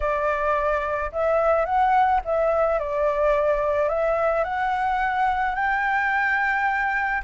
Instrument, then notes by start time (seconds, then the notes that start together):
flute
0.00 D5
1.11 E5
1.65 F#5
2.24 E5
2.79 D5
3.88 E5
4.43 F#5
5.55 G5